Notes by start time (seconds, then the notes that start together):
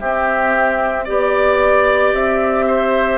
0.00 C4 G4 E5
1.05 B3 G4 D5
2.13 C4 E5
2.67 C5